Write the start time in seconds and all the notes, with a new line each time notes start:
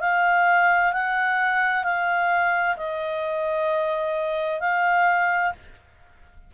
0.00 F5
0.92 F#5
1.84 F5
2.77 D#5
4.60 F5